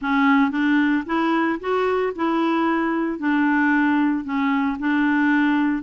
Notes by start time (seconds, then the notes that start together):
0.01 C#4
0.50 D4
1.06 E4
1.60 F#4
2.15 E4
3.18 D4
4.24 C#4
4.79 D4